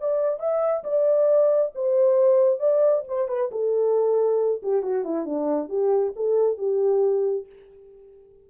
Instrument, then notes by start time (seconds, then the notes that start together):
horn
0.00 D5
0.39 E5
0.83 D5
1.74 C5
2.59 D5
3.07 C5
3.28 B4
3.51 A4
4.62 G4
4.82 F#4
5.04 E4
5.25 D4
5.69 G4
6.15 A4
6.57 G4